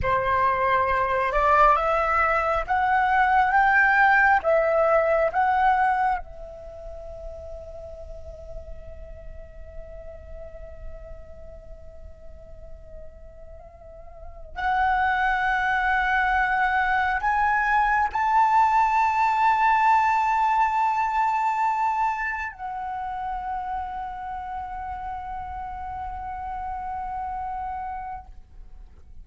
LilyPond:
\new Staff \with { instrumentName = "flute" } { \time 4/4 \tempo 4 = 68 c''4. d''8 e''4 fis''4 | g''4 e''4 fis''4 e''4~ | e''1~ | e''1~ |
e''8 fis''2. gis''8~ | gis''8 a''2.~ a''8~ | a''4. fis''2~ fis''8~ | fis''1 | }